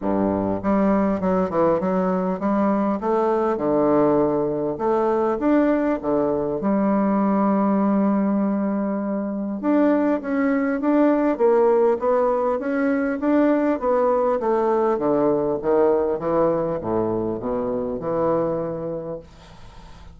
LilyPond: \new Staff \with { instrumentName = "bassoon" } { \time 4/4 \tempo 4 = 100 g,4 g4 fis8 e8 fis4 | g4 a4 d2 | a4 d'4 d4 g4~ | g1 |
d'4 cis'4 d'4 ais4 | b4 cis'4 d'4 b4 | a4 d4 dis4 e4 | a,4 b,4 e2 | }